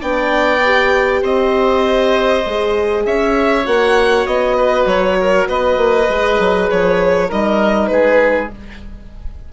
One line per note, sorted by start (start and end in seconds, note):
0.00 1.22 B3
0.00 0.61 D4
0.00 1.21 D5
0.00 1.23 G5
0.65 2.46 G4
1.21 2.43 C4
1.21 3.03 C5
1.21 3.06 D#5
2.45 3.06 G#3
2.45 3.64 G#4
3.06 3.66 C#4
3.06 4.57 C#5
3.06 3.66 E5
3.64 4.26 A#3
3.64 6.07 F#4
3.64 4.27 F#5
4.26 4.85 B3
4.26 4.87 D#5
4.57 5.18 B4
4.85 5.46 F#3
4.85 5.48 C#5
5.21 5.49 A#4
5.48 5.77 B3
5.48 7.28 B4
5.48 6.70 D#5
5.77 6.07 A#3
6.08 6.39 G#3
6.08 7.29 G#4
6.39 6.69 F#3
6.70 7.31 F3
6.70 7.31 C#5
7.28 7.90 G3
7.28 8.50 D#4
7.28 7.89 A#4
7.28 7.87 D#5
7.87 8.50 G#3
7.87 8.53 G#4
7.87 8.48 B4